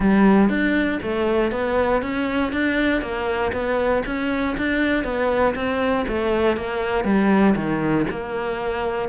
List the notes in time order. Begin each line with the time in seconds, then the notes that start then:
0.00 G3
0.49 D4
1.02 A3
1.51 B3
2.02 C#4
2.52 D4
3.01 A#3
3.52 B3
4.06 C#4
4.57 D4
5.04 B3
5.55 C4
6.08 A3
6.56 A#3
7.04 G3
7.55 D#3
8.10 A#3